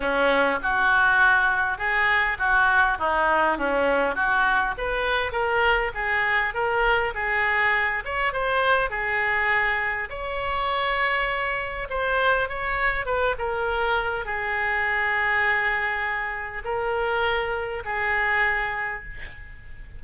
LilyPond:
\new Staff \with { instrumentName = "oboe" } { \time 4/4 \tempo 4 = 101 cis'4 fis'2 gis'4 | fis'4 dis'4 cis'4 fis'4 | b'4 ais'4 gis'4 ais'4 | gis'4. cis''8 c''4 gis'4~ |
gis'4 cis''2. | c''4 cis''4 b'8 ais'4. | gis'1 | ais'2 gis'2 | }